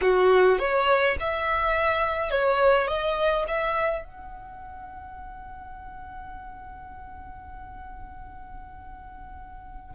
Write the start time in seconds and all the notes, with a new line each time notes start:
0.01 F#4
0.58 C#5
1.20 E5
2.30 C#5
2.87 D#5
3.47 E5
4.04 F#5